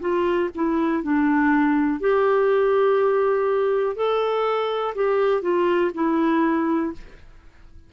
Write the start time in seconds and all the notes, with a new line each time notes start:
0.00 F4
0.55 E4
1.03 D4
2.00 G4
3.96 A4
4.94 G4
5.41 F4
5.94 E4